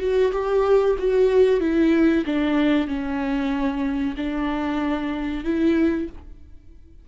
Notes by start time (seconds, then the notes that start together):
0.00 F#4
0.32 G4
0.99 F#4
1.60 E4
2.26 D4
2.87 C#4
4.16 D4
5.44 E4